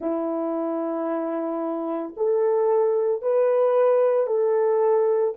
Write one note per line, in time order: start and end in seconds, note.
0.00 2.14 E4
2.16 3.21 A4
3.21 4.26 B4
4.26 5.33 A4